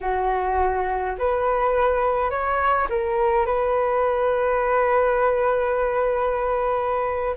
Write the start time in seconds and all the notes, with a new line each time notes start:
0.01 F#4
1.18 B4
2.30 C#5
2.89 A#4
3.45 B4